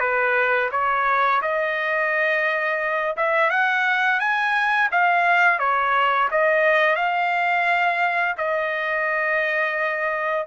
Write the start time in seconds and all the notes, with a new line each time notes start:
0.00 B4
0.72 C#5
1.42 D#5
3.17 E5
3.50 F#5
4.20 G#5
4.92 F5
5.59 C#5
6.31 D#5
6.96 F5
8.37 D#5